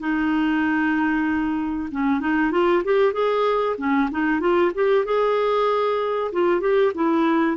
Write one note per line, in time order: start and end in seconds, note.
0.00 1.89 D#4
1.92 2.20 C#4
2.20 2.51 D#4
2.51 2.83 F4
2.84 3.13 G4
3.13 3.76 G#4
3.78 4.09 C#4
4.11 4.40 D#4
4.40 4.72 F4
4.75 5.05 G4
5.05 6.32 G#4
6.32 6.61 F4
6.61 6.92 G4
6.95 7.57 E4